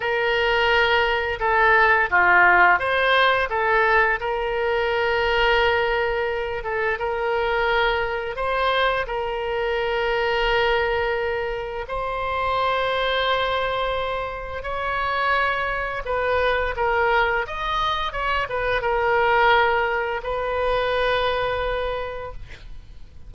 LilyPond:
\new Staff \with { instrumentName = "oboe" } { \time 4/4 \tempo 4 = 86 ais'2 a'4 f'4 | c''4 a'4 ais'2~ | ais'4. a'8 ais'2 | c''4 ais'2.~ |
ais'4 c''2.~ | c''4 cis''2 b'4 | ais'4 dis''4 cis''8 b'8 ais'4~ | ais'4 b'2. | }